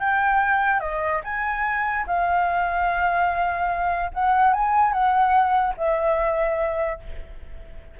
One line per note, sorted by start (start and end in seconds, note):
0.00 0.80 G5
0.80 1.21 D#5
1.24 2.06 G#5
2.07 4.11 F5
4.14 4.53 F#5
4.53 4.93 G#5
4.93 5.75 F#5
5.77 7.00 E5